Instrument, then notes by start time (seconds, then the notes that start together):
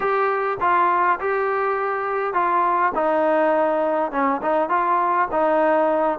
trombone
0.00 G4
0.60 F4
1.20 G4
2.33 F4
2.94 D#4
4.11 C#4
4.41 D#4
4.69 F4
5.31 D#4